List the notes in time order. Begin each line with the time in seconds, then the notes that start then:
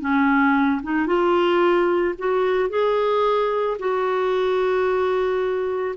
0.00 C#4
0.82 D#4
1.06 F4
2.18 F#4
2.69 G#4
3.79 F#4